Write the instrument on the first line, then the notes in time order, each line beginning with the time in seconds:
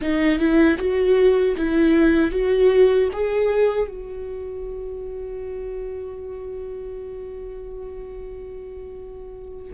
viola
0.01 D#4
0.38 E4
0.78 F#4
1.56 E4
2.31 F#4
3.12 G#4
3.87 F#4